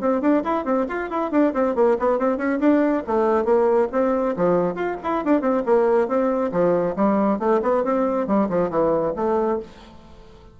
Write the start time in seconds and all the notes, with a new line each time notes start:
0.00 C4
0.21 D4
0.44 E4
0.64 C4
0.88 F4
1.09 E4
1.31 D4
1.53 C4
1.75 A#3
1.99 B3
2.18 C4
2.37 C#4
2.59 D4
3.06 A3
3.44 A#3
3.92 C4
4.36 F3
4.74 F4
5.03 E4
5.25 D4
5.41 C4
5.65 A#3
6.08 C4
6.51 F3
6.95 G3
7.39 A3
7.62 B3
7.84 C4
8.27 G3
8.49 F3
8.70 E3
9.16 A3